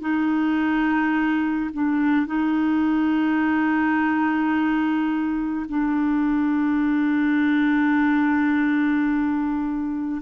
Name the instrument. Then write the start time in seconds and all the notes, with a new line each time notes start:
clarinet
0.00 D#4
1.73 D4
2.26 D#4
5.69 D4